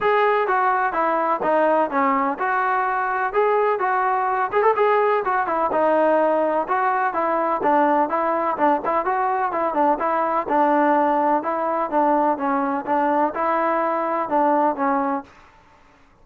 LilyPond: \new Staff \with { instrumentName = "trombone" } { \time 4/4 \tempo 4 = 126 gis'4 fis'4 e'4 dis'4 | cis'4 fis'2 gis'4 | fis'4. gis'16 a'16 gis'4 fis'8 e'8 | dis'2 fis'4 e'4 |
d'4 e'4 d'8 e'8 fis'4 | e'8 d'8 e'4 d'2 | e'4 d'4 cis'4 d'4 | e'2 d'4 cis'4 | }